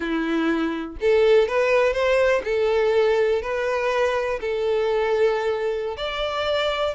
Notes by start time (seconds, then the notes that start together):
0.00 E4
1.00 A4
1.47 B4
1.93 C5
2.44 A4
3.41 B4
4.41 A4
5.96 D5